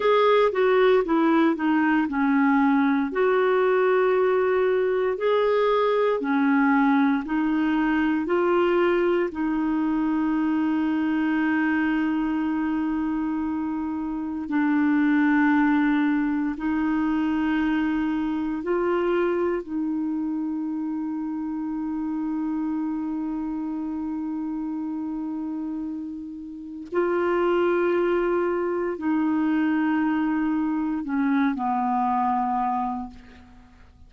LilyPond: \new Staff \with { instrumentName = "clarinet" } { \time 4/4 \tempo 4 = 58 gis'8 fis'8 e'8 dis'8 cis'4 fis'4~ | fis'4 gis'4 cis'4 dis'4 | f'4 dis'2.~ | dis'2 d'2 |
dis'2 f'4 dis'4~ | dis'1~ | dis'2 f'2 | dis'2 cis'8 b4. | }